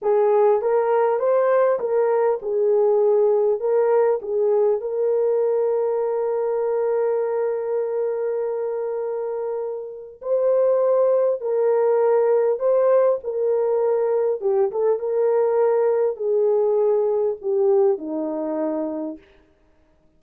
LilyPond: \new Staff \with { instrumentName = "horn" } { \time 4/4 \tempo 4 = 100 gis'4 ais'4 c''4 ais'4 | gis'2 ais'4 gis'4 | ais'1~ | ais'1~ |
ais'4 c''2 ais'4~ | ais'4 c''4 ais'2 | g'8 a'8 ais'2 gis'4~ | gis'4 g'4 dis'2 | }